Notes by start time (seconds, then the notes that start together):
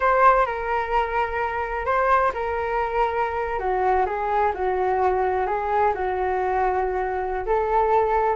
0.00 C5
0.46 A#4
1.85 C5
2.34 A#4
3.59 F#4
4.05 G#4
4.54 F#4
5.47 G#4
5.94 F#4
7.46 A4